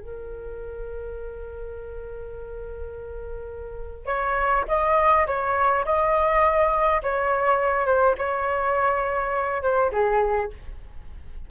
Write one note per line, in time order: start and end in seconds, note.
0.00 4.06 A#4
4.06 4.65 C#5
4.68 5.27 D#5
5.27 5.85 C#5
5.86 7.02 D#5
7.03 7.87 C#5
7.87 8.16 C5
8.19 9.63 C#5
9.63 9.92 C5
9.93 10.51 G#4